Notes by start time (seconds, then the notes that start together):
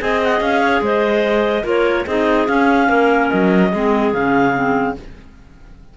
0.00 C4 G#4 D#5 G#5
0.24 F#5
0.41 C#4 F5
0.62 C#5
0.81 G#3 C5 D#5
1.64 A#3 F4 A#4 C#5
2.06 C4 D#4 G#4 D#5
2.47 C#4 F5
2.89 A#3 A#4
3.30 F#3 D#5
3.72 G#3 C4 G#4
4.13 C#3 C#4 F5
4.54 C4